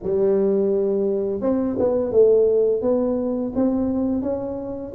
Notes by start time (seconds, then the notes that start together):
0.02 G3
1.41 C4
1.78 B3
2.11 A3
2.81 B3
3.55 C4
4.22 C#4